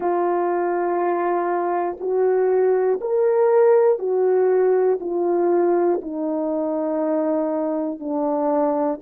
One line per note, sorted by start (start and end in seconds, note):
0.00 1.96 F4
2.00 3.00 F#4
3.00 3.98 A#4
3.98 4.98 F#4
5.00 6.00 F4
6.01 8.00 D#4
8.00 9.00 D4